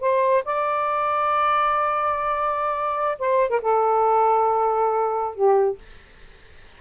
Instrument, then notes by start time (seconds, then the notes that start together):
saxophone
0.00 C5
0.44 D5
3.19 C5
3.50 A#4
3.62 A4
5.35 G4